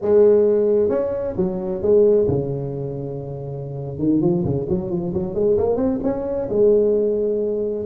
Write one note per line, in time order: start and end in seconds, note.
0.01 0.89 G#3
0.89 1.34 C#4
1.36 1.81 F#3
1.81 2.27 G#3
2.28 3.98 C#3
3.98 4.21 D#3
4.21 4.44 F3
4.44 4.67 C#3
4.69 4.90 F#3
4.90 5.13 F3
5.13 5.34 F#3
5.34 5.57 G#3
5.57 5.76 A#3
5.76 5.99 C4
6.03 6.48 C#4
6.49 7.85 G#3